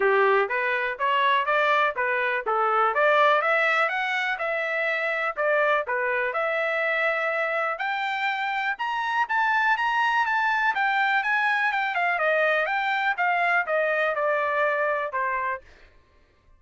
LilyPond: \new Staff \with { instrumentName = "trumpet" } { \time 4/4 \tempo 4 = 123 g'4 b'4 cis''4 d''4 | b'4 a'4 d''4 e''4 | fis''4 e''2 d''4 | b'4 e''2. |
g''2 ais''4 a''4 | ais''4 a''4 g''4 gis''4 | g''8 f''8 dis''4 g''4 f''4 | dis''4 d''2 c''4 | }